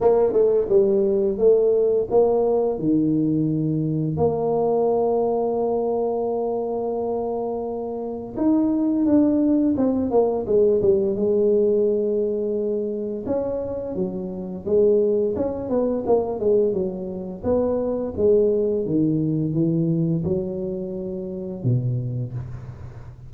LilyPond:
\new Staff \with { instrumentName = "tuba" } { \time 4/4 \tempo 4 = 86 ais8 a8 g4 a4 ais4 | dis2 ais2~ | ais1 | dis'4 d'4 c'8 ais8 gis8 g8 |
gis2. cis'4 | fis4 gis4 cis'8 b8 ais8 gis8 | fis4 b4 gis4 dis4 | e4 fis2 b,4 | }